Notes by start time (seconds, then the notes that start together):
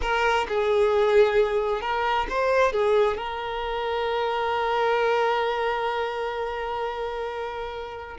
0.01 A#4
0.48 G#4
1.81 A#4
2.29 C5
2.72 G#4
3.17 A#4